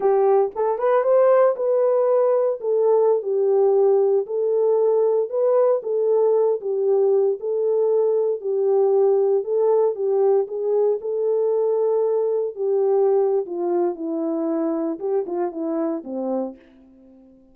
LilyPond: \new Staff \with { instrumentName = "horn" } { \time 4/4 \tempo 4 = 116 g'4 a'8 b'8 c''4 b'4~ | b'4 a'4~ a'16 g'4.~ g'16~ | g'16 a'2 b'4 a'8.~ | a'8. g'4. a'4.~ a'16~ |
a'16 g'2 a'4 g'8.~ | g'16 gis'4 a'2~ a'8.~ | a'16 g'4.~ g'16 f'4 e'4~ | e'4 g'8 f'8 e'4 c'4 | }